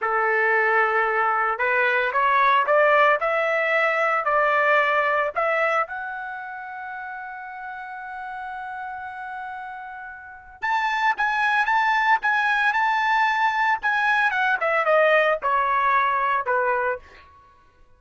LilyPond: \new Staff \with { instrumentName = "trumpet" } { \time 4/4 \tempo 4 = 113 a'2. b'4 | cis''4 d''4 e''2 | d''2 e''4 fis''4~ | fis''1~ |
fis''1 | a''4 gis''4 a''4 gis''4 | a''2 gis''4 fis''8 e''8 | dis''4 cis''2 b'4 | }